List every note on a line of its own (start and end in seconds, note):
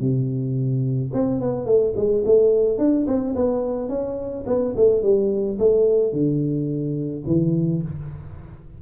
0.00 1.11 C3
1.13 1.40 C4
1.40 1.65 B3
1.65 1.93 A3
1.96 2.24 G#3
2.25 2.78 A3
2.78 3.06 D4
3.07 3.35 C4
3.35 3.89 B3
3.89 4.44 C#4
4.46 4.74 B3
4.76 5.03 A3
5.03 5.58 G3
5.59 6.13 A3
6.13 7.24 D3
7.27 7.82 E3